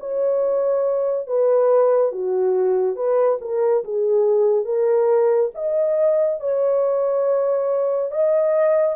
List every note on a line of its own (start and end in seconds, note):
0.00 1.27 C#5
1.27 2.12 B4
2.12 2.96 F#4
2.96 3.39 B4
3.41 3.84 A#4
3.84 4.65 G#4
4.65 5.51 A#4
5.55 6.41 D#5
6.41 8.12 C#5
8.12 8.96 D#5